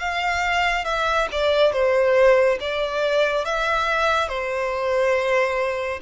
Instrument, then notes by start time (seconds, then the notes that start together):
violin
0.00 F5
0.85 E5
1.32 D5
1.73 C5
2.61 D5
3.46 E5
4.29 C5